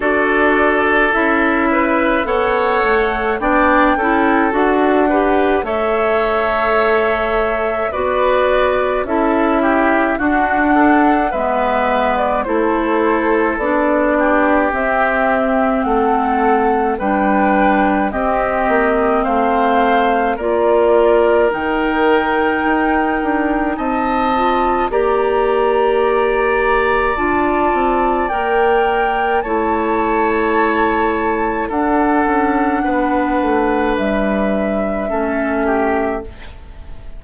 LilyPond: <<
  \new Staff \with { instrumentName = "flute" } { \time 4/4 \tempo 4 = 53 d''4 e''4 fis''4 g''4 | fis''4 e''2 d''4 | e''4 fis''4 e''8. d''16 c''4 | d''4 e''4 fis''4 g''4 |
dis''4 f''4 d''4 g''4~ | g''4 a''4 ais''2 | a''4 g''4 a''2 | fis''2 e''2 | }
  \new Staff \with { instrumentName = "oboe" } { \time 4/4 a'4. b'8 cis''4 d''8 a'8~ | a'8 b'8 cis''2 b'4 | a'8 g'8 fis'8 a'8 b'4 a'4~ | a'8 g'4. a'4 b'4 |
g'4 c''4 ais'2~ | ais'4 dis''4 d''2~ | d''2 cis''2 | a'4 b'2 a'8 g'8 | }
  \new Staff \with { instrumentName = "clarinet" } { \time 4/4 fis'4 e'4 a'4 d'8 e'8 | fis'8 g'8 a'2 fis'4 | e'4 d'4 b4 e'4 | d'4 c'2 d'4 |
c'2 f'4 dis'4~ | dis'4. f'8 g'2 | f'4 ais'4 e'2 | d'2. cis'4 | }
  \new Staff \with { instrumentName = "bassoon" } { \time 4/4 d'4 cis'4 b8 a8 b8 cis'8 | d'4 a2 b4 | cis'4 d'4 gis4 a4 | b4 c'4 a4 g4 |
c'8 ais8 a4 ais4 dis4 | dis'8 d'8 c'4 ais2 | d'8 c'8 ais4 a2 | d'8 cis'8 b8 a8 g4 a4 | }
>>